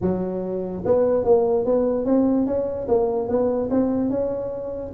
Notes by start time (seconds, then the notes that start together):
0.01 F#3
0.85 B3
1.24 A#3
1.65 B3
2.05 C4
2.46 C#4
2.88 A#3
3.28 B3
3.70 C4
4.09 C#4